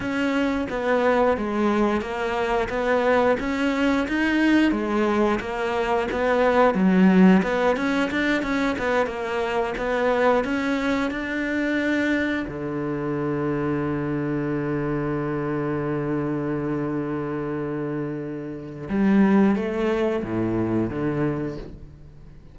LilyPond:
\new Staff \with { instrumentName = "cello" } { \time 4/4 \tempo 4 = 89 cis'4 b4 gis4 ais4 | b4 cis'4 dis'4 gis4 | ais4 b4 fis4 b8 cis'8 | d'8 cis'8 b8 ais4 b4 cis'8~ |
cis'8 d'2 d4.~ | d1~ | d1 | g4 a4 a,4 d4 | }